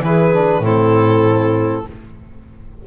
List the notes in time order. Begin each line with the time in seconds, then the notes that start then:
0.00 E3 E4 G#4 B4
0.34 D4
0.59 A2 C4 E4
0.66 A4